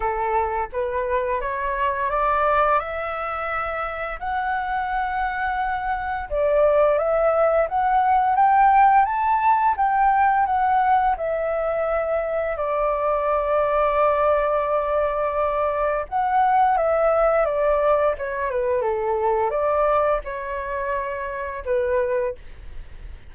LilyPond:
\new Staff \with { instrumentName = "flute" } { \time 4/4 \tempo 4 = 86 a'4 b'4 cis''4 d''4 | e''2 fis''2~ | fis''4 d''4 e''4 fis''4 | g''4 a''4 g''4 fis''4 |
e''2 d''2~ | d''2. fis''4 | e''4 d''4 cis''8 b'8 a'4 | d''4 cis''2 b'4 | }